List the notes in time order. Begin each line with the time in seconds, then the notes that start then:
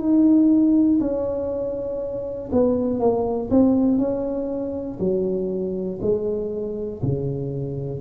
0.00 D#4
1.00 C#4
2.52 B3
3.00 A#3
3.50 C4
3.98 C#4
5.00 F#3
6.02 G#3
7.02 C#3